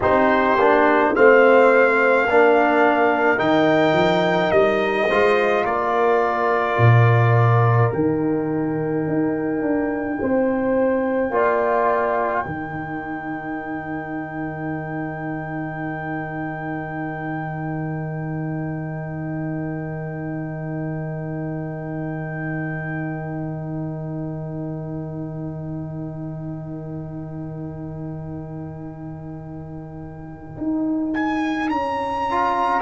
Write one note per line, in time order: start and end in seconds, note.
0.00 0.58 C4
0.00 0.58 D#4
0.00 1.11 G4
0.00 1.15 C5
0.58 1.14 A#3
0.58 1.14 D4
1.14 2.26 A3
1.14 2.28 C4
1.14 2.24 C5
1.14 3.39 F5
2.24 3.39 A#3
2.24 3.37 D4
2.24 5.07 A#4
3.37 3.92 D#3
3.37 5.07 D#4
3.37 4.51 G5
3.92 4.49 F3
4.51 5.08 G3
4.51 5.64 D#5
5.07 5.63 G#3
5.07 7.92 F4
5.07 5.63 C5
5.63 6.77 A#3
5.63 10.17 A#4
5.63 7.91 D5
6.77 7.90 A#2
7.92 9.07 D#3
7.92 11.31 D#4
7.92 31.13 G5
9.07 9.62 D#4
9.62 10.18 D4
10.21 11.29 C4
10.21 11.32 C5
11.29 12.43 A#3
11.29 12.45 F4
11.29 12.45 D5
12.45 30.57 D#3
12.45 32.28 D#4
12.45 32.81 A#4
30.57 31.70 D#4
31.13 31.69 G#5
31.69 32.81 C#4
31.69 32.81 A#5
32.30 32.81 F4